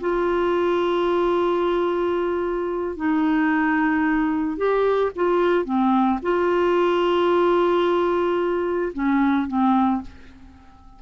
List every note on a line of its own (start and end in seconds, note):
0.00 2.96 F4
2.96 4.57 D#4
4.57 5.11 G4
5.15 5.65 F4
5.65 6.19 C4
6.22 8.92 F4
8.93 9.47 C#4
9.47 10.01 C4